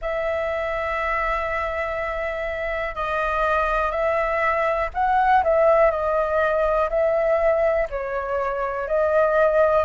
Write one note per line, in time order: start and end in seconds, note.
0.01 2.95 E5
2.95 3.91 D#5
3.91 4.89 E5
4.94 5.43 F#5
5.43 5.90 E5
5.90 6.89 D#5
6.89 7.87 E5
7.90 8.87 C#5
8.87 9.84 D#5